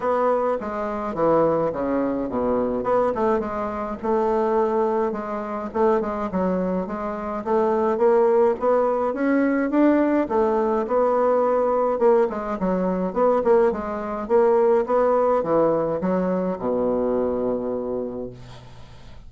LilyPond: \new Staff \with { instrumentName = "bassoon" } { \time 4/4 \tempo 4 = 105 b4 gis4 e4 cis4 | b,4 b8 a8 gis4 a4~ | a4 gis4 a8 gis8 fis4 | gis4 a4 ais4 b4 |
cis'4 d'4 a4 b4~ | b4 ais8 gis8 fis4 b8 ais8 | gis4 ais4 b4 e4 | fis4 b,2. | }